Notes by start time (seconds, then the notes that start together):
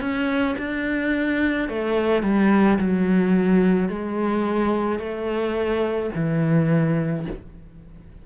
0.00 C#4
0.58 D4
1.69 A3
2.23 G3
2.78 F#3
3.89 G#3
4.99 A3
6.15 E3